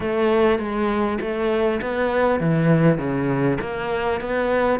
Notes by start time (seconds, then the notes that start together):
0.00 A3
0.58 G#3
1.20 A3
1.81 B3
2.39 E3
2.98 C#3
3.60 A#3
4.20 B3